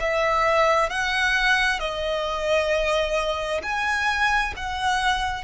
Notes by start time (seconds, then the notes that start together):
0.00 E5
0.89 F#5
1.79 D#5
3.63 G#5
4.56 F#5